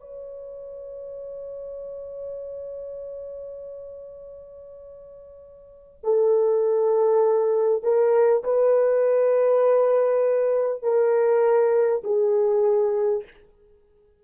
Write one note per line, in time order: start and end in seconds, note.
0.00 6.00 C#5
6.03 7.83 A4
7.83 8.43 A#4
8.43 10.82 B4
10.82 12.02 A#4
12.04 13.24 G#4